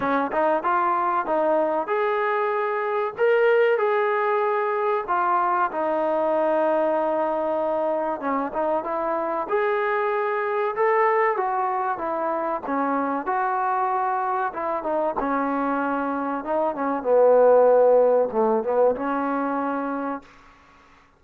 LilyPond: \new Staff \with { instrumentName = "trombone" } { \time 4/4 \tempo 4 = 95 cis'8 dis'8 f'4 dis'4 gis'4~ | gis'4 ais'4 gis'2 | f'4 dis'2.~ | dis'4 cis'8 dis'8 e'4 gis'4~ |
gis'4 a'4 fis'4 e'4 | cis'4 fis'2 e'8 dis'8 | cis'2 dis'8 cis'8 b4~ | b4 a8 b8 cis'2 | }